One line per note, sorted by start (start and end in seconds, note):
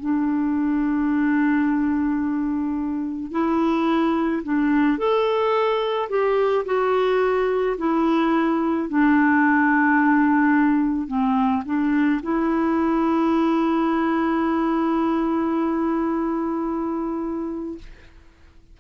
0.00 3.32 D4
3.32 4.43 E4
4.44 4.98 D4
4.98 6.10 A4
6.10 6.65 G4
6.66 7.77 F#4
7.78 8.89 E4
8.89 11.08 D4
11.08 11.63 C4
11.66 12.21 D4
12.23 17.79 E4